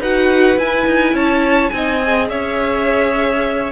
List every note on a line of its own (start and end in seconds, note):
0.00 0.57 D#4
0.00 0.58 F#4
0.00 1.15 B4
0.00 0.59 F#5
0.58 0.86 E4
0.58 1.72 E4
0.58 1.16 G#5
0.87 1.13 D#4
1.13 1.70 C#4
1.13 1.72 C#5
1.13 1.70 A5
1.70 2.30 C4
1.70 2.01 D#4
1.70 2.31 D#5
1.70 2.27 G#5
2.04 3.72 G#4
2.30 3.72 C#4
2.30 3.72 C#5
2.30 3.72 E5